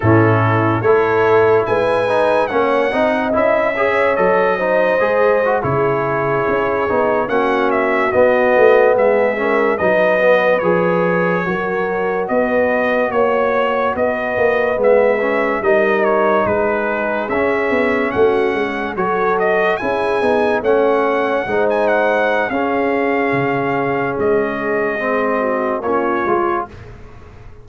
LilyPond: <<
  \new Staff \with { instrumentName = "trumpet" } { \time 4/4 \tempo 4 = 72 a'4 cis''4 gis''4 fis''4 | e''4 dis''4.~ dis''16 cis''4~ cis''16~ | cis''8. fis''8 e''8 dis''4 e''4 dis''16~ | dis''8. cis''2 dis''4 cis''16~ |
cis''8. dis''4 e''4 dis''8 cis''8 b'16~ | b'8. e''4 fis''4 cis''8 dis''8 gis''16~ | gis''8. fis''4~ fis''16 gis''16 fis''8. f''4~ | f''4 dis''2 cis''4 | }
  \new Staff \with { instrumentName = "horn" } { \time 4/4 e'4 a'4 b'4 cis''8 dis''8~ | dis''8 cis''4 c''4~ c''16 gis'4~ gis'16~ | gis'8. fis'2 gis'8 ais'8 b'16~ | b'4.~ b'16 ais'4 b'4 cis''16~ |
cis''8. b'2 ais'4 gis'16~ | gis'4.~ gis'16 fis'8 gis'8 a'4 gis'16~ | gis'8. cis''4 c''4~ c''16 gis'4~ | gis'2~ gis'8 fis'8 f'4 | }
  \new Staff \with { instrumentName = "trombone" } { \time 4/4 cis'4 e'4. dis'8 cis'8 dis'8 | e'8 gis'8 a'8 dis'8 gis'8 fis'16 e'4~ e'16~ | e'16 dis'8 cis'4 b4. cis'8 dis'16~ | dis'16 b8 gis'4 fis'2~ fis'16~ |
fis'4.~ fis'16 b8 cis'8 dis'4~ dis'16~ | dis'8. cis'2 fis'4 e'16~ | e'16 dis'8 cis'4 dis'4~ dis'16 cis'4~ | cis'2 c'4 cis'8 f'8 | }
  \new Staff \with { instrumentName = "tuba" } { \time 4/4 a,4 a4 gis4 ais8 c'8 | cis'4 fis4 gis8. cis4 cis'16~ | cis'16 b8 ais4 b8 a8 gis4 fis16~ | fis8. f4 fis4 b4 ais16~ |
ais8. b8 ais8 gis4 g4 gis16~ | gis8. cis'8 b8 a8 gis8 fis4 cis'16~ | cis'16 b8 a4 gis4~ gis16 cis'4 | cis4 gis2 ais8 gis8 | }
>>